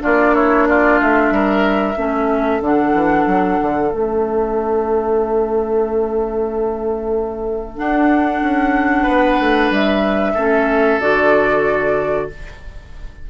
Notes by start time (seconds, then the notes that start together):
0.00 A#3 D4 F4 D5
0.35 E4 C#5
0.68 F4 D5
1.01 A3 E5
1.31 G3 A#4
1.97 A3 C#4 A4
2.61 D3 D4 F#5
2.94 E3
3.27 F#3
3.62 D3
3.90 A3 C#4 E5
7.77 D4 F#5
8.41 C#4
9.03 B3 B4
9.40 A3
9.71 G3 E5
10.34 A3 C#4 A4
11.00 D3 F#4 D5